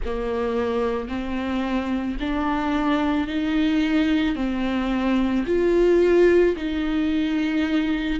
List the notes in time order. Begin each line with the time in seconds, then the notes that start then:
0.05 A#3
1.08 C4
2.20 D4
3.27 D#4
4.35 C4
5.46 F4
6.56 D#4